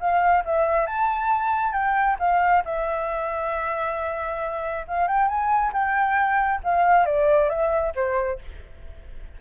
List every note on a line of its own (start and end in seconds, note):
0.00 0.44 F5
0.45 0.86 E5
0.86 1.73 A5
1.73 2.17 G5
2.19 2.64 F5
2.65 4.85 E5
4.88 5.08 F5
5.08 5.28 G5
5.28 5.72 G#5
5.73 6.61 G5
6.64 7.06 F5
7.06 7.49 D5
7.49 7.93 E5
7.95 8.39 C5